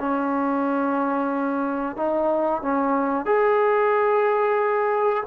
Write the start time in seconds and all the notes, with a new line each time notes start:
0.00 C#4
1.97 D#4
2.63 C#4
3.26 G#4